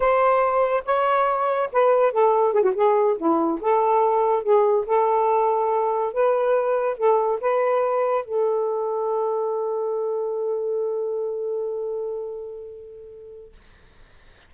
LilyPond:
\new Staff \with { instrumentName = "saxophone" } { \time 4/4 \tempo 4 = 142 c''2 cis''2 | b'4 a'4 gis'16 fis'16 gis'4 e'8~ | e'8 a'2 gis'4 a'8~ | a'2~ a'8 b'4.~ |
b'8 a'4 b'2 a'8~ | a'1~ | a'1~ | a'1 | }